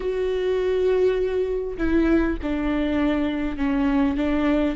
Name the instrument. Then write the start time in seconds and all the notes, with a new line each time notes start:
viola
0.00 F#4
1.77 E4
2.42 D4
3.57 C#4
4.16 D4